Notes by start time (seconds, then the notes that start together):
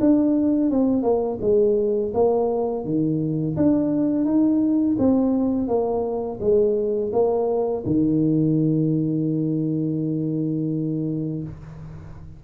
0.00 D4
0.71 C4
1.03 A#3
1.41 G#3
2.14 A#3
2.85 D#3
3.57 D4
4.25 D#4
4.99 C4
5.68 A#3
6.40 G#3
7.13 A#3
7.86 D#3